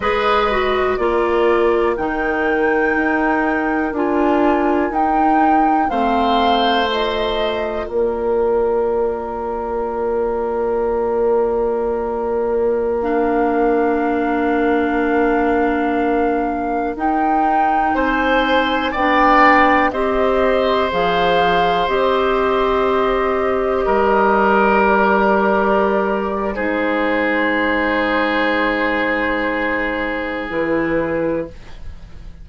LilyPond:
<<
  \new Staff \with { instrumentName = "flute" } { \time 4/4 \tempo 4 = 61 dis''4 d''4 g''2 | gis''4 g''4 f''4 dis''4 | d''1~ | d''4~ d''16 f''2~ f''8.~ |
f''4~ f''16 g''4 gis''4 g''8.~ | g''16 dis''4 f''4 dis''4.~ dis''16~ | dis''4~ dis''16 d''4.~ d''16 c''4~ | c''2. b'4 | }
  \new Staff \with { instrumentName = "oboe" } { \time 4/4 b'4 ais'2.~ | ais'2 c''2 | ais'1~ | ais'1~ |
ais'2~ ais'16 c''4 d''8.~ | d''16 c''2.~ c''8.~ | c''16 ais'2~ ais'8. gis'4~ | gis'1 | }
  \new Staff \with { instrumentName = "clarinet" } { \time 4/4 gis'8 fis'8 f'4 dis'2 | f'4 dis'4 c'4 f'4~ | f'1~ | f'4~ f'16 d'2~ d'8.~ |
d'4~ d'16 dis'2 d'8.~ | d'16 g'4 gis'4 g'4.~ g'16~ | g'2. dis'4~ | dis'2. e'4 | }
  \new Staff \with { instrumentName = "bassoon" } { \time 4/4 gis4 ais4 dis4 dis'4 | d'4 dis'4 a2 | ais1~ | ais1~ |
ais4~ ais16 dis'4 c'4 b8.~ | b16 c'4 f4 c'4.~ c'16~ | c'16 g2~ g8. gis4~ | gis2. e4 | }
>>